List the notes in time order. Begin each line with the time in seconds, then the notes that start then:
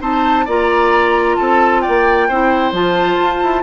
0.00 C4 D#4 C5 A5
0.45 A#3 F4 D5 A#5
1.36 C4 A4 A5
1.81 D5 G5
1.88 A#3
2.28 C4 E4 C5
2.72 F3 F4 A5
3.20 F4
3.42 E4